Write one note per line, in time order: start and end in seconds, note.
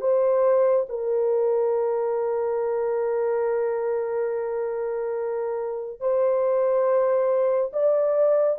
0.00 0.86 C5
0.88 6.00 A#4
6.00 7.71 C5
7.73 8.58 D5